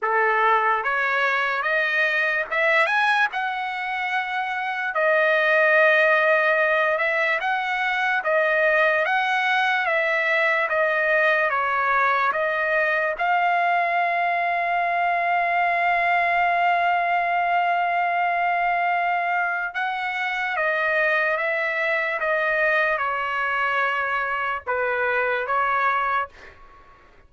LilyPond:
\new Staff \with { instrumentName = "trumpet" } { \time 4/4 \tempo 4 = 73 a'4 cis''4 dis''4 e''8 gis''8 | fis''2 dis''2~ | dis''8 e''8 fis''4 dis''4 fis''4 | e''4 dis''4 cis''4 dis''4 |
f''1~ | f''1 | fis''4 dis''4 e''4 dis''4 | cis''2 b'4 cis''4 | }